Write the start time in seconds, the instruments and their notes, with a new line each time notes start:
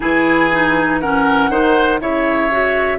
0.00 bassoon E3, clarinet E4, oboe G#4, flute G#5
0.52 clarinet D#4
1.00 clarinet C#4, oboe A#4, flute F#5
1.49 bassoon D#3, clarinet D#4, oboe C5
2.00 bassoon C#3, clarinet E4, oboe C#5, flute E5
2.50 clarinet F#4